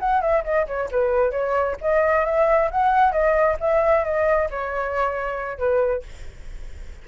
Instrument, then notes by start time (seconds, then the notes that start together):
flute
0.00 F#5
0.22 E5
0.44 D#5
0.67 C#5
0.92 B4
1.32 C#5
1.82 D#5
2.26 E5
2.71 F#5
3.13 D#5
3.60 E5
4.05 D#5
4.51 C#5
5.58 B4